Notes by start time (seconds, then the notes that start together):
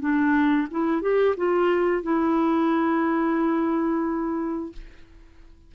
0.00 D4
0.71 E4
1.02 G4
1.37 F4
2.03 E4